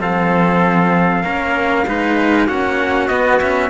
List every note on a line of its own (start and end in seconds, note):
0.00 1.24 F3
0.00 1.24 C4
0.00 1.24 A4
0.00 2.48 F5
1.24 1.88 A#3
1.24 1.86 C#4
1.24 1.86 A#4
1.88 2.50 G#3
1.88 2.49 D#4
1.88 2.47 B4
2.47 3.08 A#3
2.47 3.10 C#4
2.47 3.70 F#4
2.47 3.08 F#5
3.08 3.70 B3
3.08 3.41 B3
3.08 3.39 D#5
3.40 3.70 C#4
3.40 3.70 E5